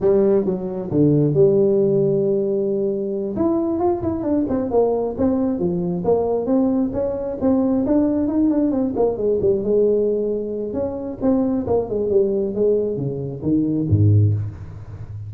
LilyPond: \new Staff \with { instrumentName = "tuba" } { \time 4/4 \tempo 4 = 134 g4 fis4 d4 g4~ | g2.~ g8 e'8~ | e'8 f'8 e'8 d'8 c'8 ais4 c'8~ | c'8 f4 ais4 c'4 cis'8~ |
cis'8 c'4 d'4 dis'8 d'8 c'8 | ais8 gis8 g8 gis2~ gis8 | cis'4 c'4 ais8 gis8 g4 | gis4 cis4 dis4 gis,4 | }